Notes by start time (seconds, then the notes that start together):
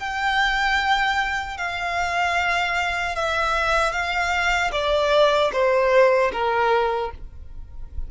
0.00 G5
1.58 F5
3.16 E5
3.93 F5
4.72 D5
5.53 C5
6.33 A#4